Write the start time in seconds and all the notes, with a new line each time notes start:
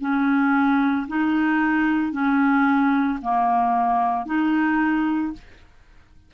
0.00 C#4
1.08 D#4
2.12 C#4
3.21 A#3
4.26 D#4